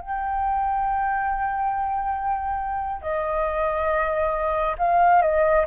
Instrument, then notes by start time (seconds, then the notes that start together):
flute
0.00 G5
3.02 D#5
4.78 F5
5.21 D#5